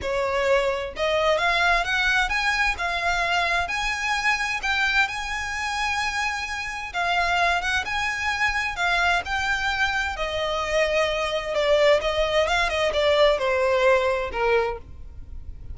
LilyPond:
\new Staff \with { instrumentName = "violin" } { \time 4/4 \tempo 4 = 130 cis''2 dis''4 f''4 | fis''4 gis''4 f''2 | gis''2 g''4 gis''4~ | gis''2. f''4~ |
f''8 fis''8 gis''2 f''4 | g''2 dis''2~ | dis''4 d''4 dis''4 f''8 dis''8 | d''4 c''2 ais'4 | }